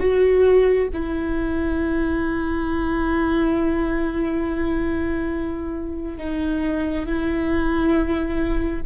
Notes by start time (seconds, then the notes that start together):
0.00 F#4
0.94 E4
6.18 D#4
7.06 E4